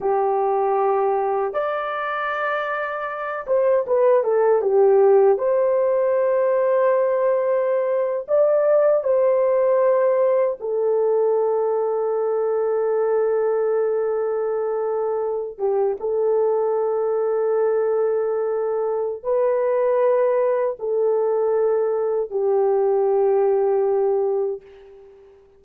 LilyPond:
\new Staff \with { instrumentName = "horn" } { \time 4/4 \tempo 4 = 78 g'2 d''2~ | d''8 c''8 b'8 a'8 g'4 c''4~ | c''2~ c''8. d''4 c''16~ | c''4.~ c''16 a'2~ a'16~ |
a'1~ | a'16 g'8 a'2.~ a'16~ | a'4 b'2 a'4~ | a'4 g'2. | }